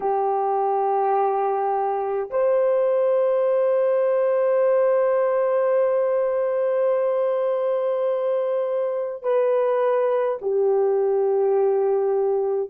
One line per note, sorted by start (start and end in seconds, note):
0.00 2.30 G4
2.30 9.23 C5
9.23 10.38 B4
10.41 12.70 G4